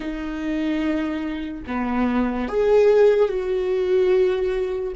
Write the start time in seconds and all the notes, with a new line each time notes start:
0.00 D#4
1.66 B3
2.48 G#4
3.28 F#4